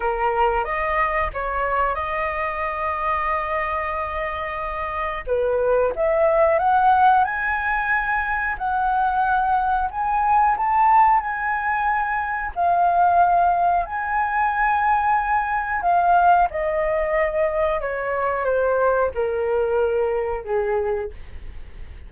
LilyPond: \new Staff \with { instrumentName = "flute" } { \time 4/4 \tempo 4 = 91 ais'4 dis''4 cis''4 dis''4~ | dis''1 | b'4 e''4 fis''4 gis''4~ | gis''4 fis''2 gis''4 |
a''4 gis''2 f''4~ | f''4 gis''2. | f''4 dis''2 cis''4 | c''4 ais'2 gis'4 | }